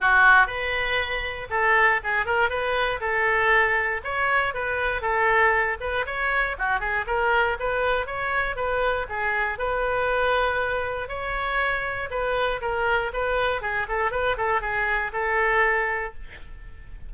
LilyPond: \new Staff \with { instrumentName = "oboe" } { \time 4/4 \tempo 4 = 119 fis'4 b'2 a'4 | gis'8 ais'8 b'4 a'2 | cis''4 b'4 a'4. b'8 | cis''4 fis'8 gis'8 ais'4 b'4 |
cis''4 b'4 gis'4 b'4~ | b'2 cis''2 | b'4 ais'4 b'4 gis'8 a'8 | b'8 a'8 gis'4 a'2 | }